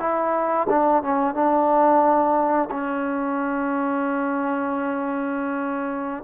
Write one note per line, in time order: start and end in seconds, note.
0.00 0.67 E4
0.70 1.03 D4
1.03 1.35 C#4
1.35 2.70 D4
2.71 6.24 C#4